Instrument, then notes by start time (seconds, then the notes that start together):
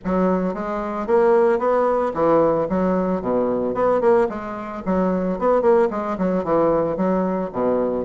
bassoon
0.04 F#3
0.54 G#3
1.06 A#3
1.59 B3
2.14 E3
2.69 F#3
3.21 B2
3.74 B3
4.00 A#3
4.29 G#3
4.85 F#3
5.38 B3
5.61 A#3
5.90 G#3
6.18 F#3
6.44 E3
6.96 F#3
7.52 B2